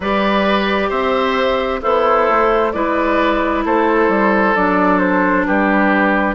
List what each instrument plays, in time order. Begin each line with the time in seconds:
0.00 bassoon G3, clarinet G4, oboe B4, flute D5
0.89 bassoon C4, oboe C5, flute E5
1.81 bassoon B3, oboe E4, clarinet A4, flute C5
2.28 bassoon A3
2.71 bassoon G#3, clarinet E4, oboe B4, flute D5
3.65 bassoon A3, oboe A4, flute C5
4.08 bassoon G3
4.55 bassoon F#3, clarinet D4, flute D5
4.98 flute C5
5.45 bassoon G3, oboe G4, flute B4